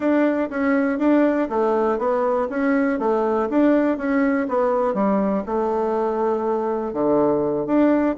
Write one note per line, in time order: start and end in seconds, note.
0.00 0.49 D4
0.50 0.98 C#4
0.98 1.48 D4
1.49 1.98 A3
1.98 2.47 B3
2.49 2.99 C#4
2.99 3.48 A3
3.49 3.97 D4
3.97 4.47 C#4
4.48 4.94 B3
4.94 5.43 G3
5.46 6.93 A3
6.93 7.66 D3
7.66 8.15 D4